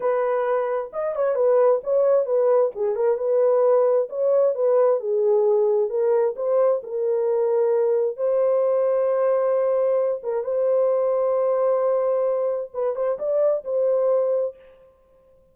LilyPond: \new Staff \with { instrumentName = "horn" } { \time 4/4 \tempo 4 = 132 b'2 dis''8 cis''8 b'4 | cis''4 b'4 gis'8 ais'8 b'4~ | b'4 cis''4 b'4 gis'4~ | gis'4 ais'4 c''4 ais'4~ |
ais'2 c''2~ | c''2~ c''8 ais'8 c''4~ | c''1 | b'8 c''8 d''4 c''2 | }